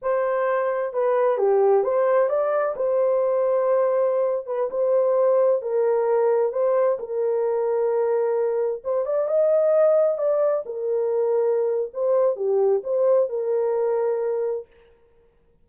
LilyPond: \new Staff \with { instrumentName = "horn" } { \time 4/4 \tempo 4 = 131 c''2 b'4 g'4 | c''4 d''4 c''2~ | c''4.~ c''16 b'8 c''4.~ c''16~ | c''16 ais'2 c''4 ais'8.~ |
ais'2.~ ais'16 c''8 d''16~ | d''16 dis''2 d''4 ais'8.~ | ais'2 c''4 g'4 | c''4 ais'2. | }